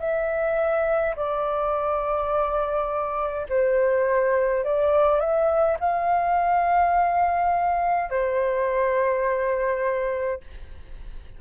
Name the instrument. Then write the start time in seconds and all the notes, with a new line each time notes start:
flute
0.00 E5
1.16 D5
3.49 C5
4.65 D5
5.20 E5
5.80 F5
8.10 C5